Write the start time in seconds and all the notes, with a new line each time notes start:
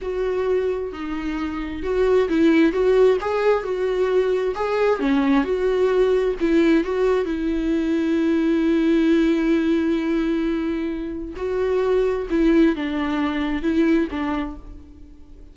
0.01 F#4
0.92 D#4
1.82 F#4
2.29 E4
2.72 F#4
3.20 G#4
3.63 F#4
4.55 G#4
4.99 C#4
5.44 F#4
6.40 E4
6.84 F#4
7.25 E4
11.36 F#4
12.30 E4
12.75 D4
13.62 E4
14.10 D4